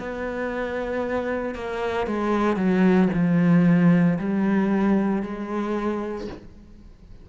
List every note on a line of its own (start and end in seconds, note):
0.00 1.55 B3
1.55 2.07 A#3
2.07 2.56 G#3
2.56 3.09 F#3
3.14 4.19 F3
4.19 5.22 G3
5.22 6.28 G#3